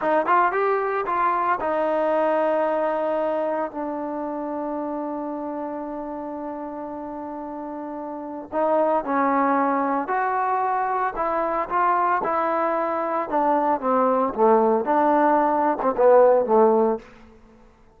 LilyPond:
\new Staff \with { instrumentName = "trombone" } { \time 4/4 \tempo 4 = 113 dis'8 f'8 g'4 f'4 dis'4~ | dis'2. d'4~ | d'1~ | d'1 |
dis'4 cis'2 fis'4~ | fis'4 e'4 f'4 e'4~ | e'4 d'4 c'4 a4 | d'4.~ d'16 c'16 b4 a4 | }